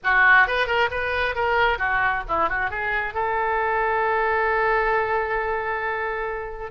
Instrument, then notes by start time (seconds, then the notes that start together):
oboe
0.03 F#4
0.47 B4
0.66 A#4
0.91 B4
1.35 A#4
1.78 F#4
2.28 E4
2.49 F#4
2.70 G#4
3.14 A4